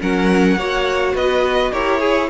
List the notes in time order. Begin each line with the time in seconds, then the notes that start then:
0.00 F#3 C#4 A#4 F#5
0.56 A#3 F#4 C#5
1.14 B3 B4 D#5
1.72 E4 G4 A#4 C#5
2.00 G#4